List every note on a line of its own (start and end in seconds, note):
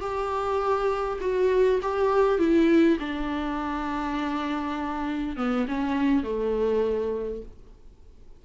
0.00 1.19 G4
1.20 1.80 F#4
1.82 2.38 G4
2.38 2.98 E4
2.99 5.36 D4
5.36 5.66 B3
5.68 6.23 C#4
6.23 7.42 A3